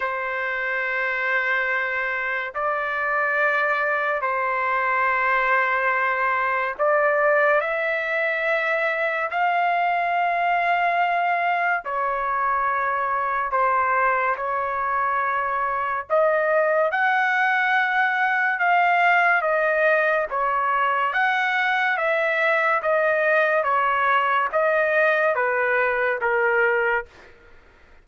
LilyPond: \new Staff \with { instrumentName = "trumpet" } { \time 4/4 \tempo 4 = 71 c''2. d''4~ | d''4 c''2. | d''4 e''2 f''4~ | f''2 cis''2 |
c''4 cis''2 dis''4 | fis''2 f''4 dis''4 | cis''4 fis''4 e''4 dis''4 | cis''4 dis''4 b'4 ais'4 | }